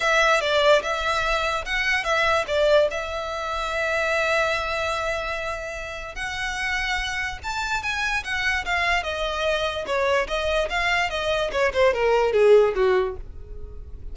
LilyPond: \new Staff \with { instrumentName = "violin" } { \time 4/4 \tempo 4 = 146 e''4 d''4 e''2 | fis''4 e''4 d''4 e''4~ | e''1~ | e''2. fis''4~ |
fis''2 a''4 gis''4 | fis''4 f''4 dis''2 | cis''4 dis''4 f''4 dis''4 | cis''8 c''8 ais'4 gis'4 fis'4 | }